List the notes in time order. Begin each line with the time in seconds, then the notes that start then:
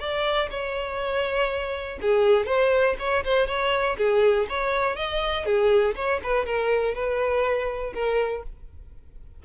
0.00 D5
0.50 C#5
2.02 G#4
2.47 C5
2.99 C#5
3.24 C5
3.47 C#5
3.98 G#4
4.49 C#5
4.96 D#5
5.45 G#4
5.95 C#5
6.24 B4
6.46 A#4
6.95 B4
7.94 A#4